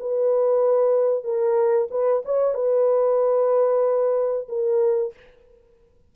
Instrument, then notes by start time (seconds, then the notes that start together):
horn
0.00 B4
1.24 A#4
1.91 B4
2.25 C#5
2.55 B4
4.49 A#4